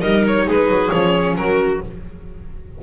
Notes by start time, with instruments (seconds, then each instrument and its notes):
0.00 double bass G3, viola D#4, clarinet A#4, violin D#5
0.27 violin C#5
0.46 double bass G#3, clarinet G#4, violin B4
0.67 double bass F#3
0.90 double bass F3, viola C#4, violin C#5
1.36 double bass F#3, clarinet F#4, violin A#4